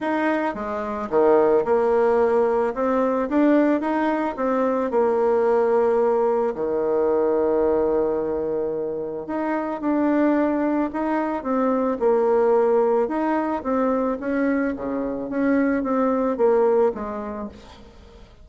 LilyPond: \new Staff \with { instrumentName = "bassoon" } { \time 4/4 \tempo 4 = 110 dis'4 gis4 dis4 ais4~ | ais4 c'4 d'4 dis'4 | c'4 ais2. | dis1~ |
dis4 dis'4 d'2 | dis'4 c'4 ais2 | dis'4 c'4 cis'4 cis4 | cis'4 c'4 ais4 gis4 | }